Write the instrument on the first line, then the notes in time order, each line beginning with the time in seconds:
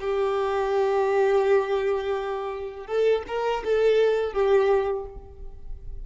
violin
0.00 G4
2.87 A4
3.28 A#4
3.64 A4
4.33 G4